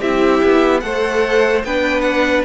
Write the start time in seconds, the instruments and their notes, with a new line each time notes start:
0.00 cello C4, viola E4, violin G4 E5
0.42 cello B3
0.80 cello A3, viola A4, violin C5 F#5
1.63 cello B3, viola D4, violin B4 G5
2.01 violin F#5